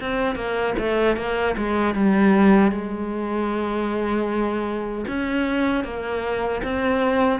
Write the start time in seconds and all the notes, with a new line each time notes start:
0.00 C4
0.35 A#3
0.78 A3
1.16 A#3
1.57 G#3
1.94 G3
2.71 G#3
5.08 C#4
5.84 A#3
6.63 C4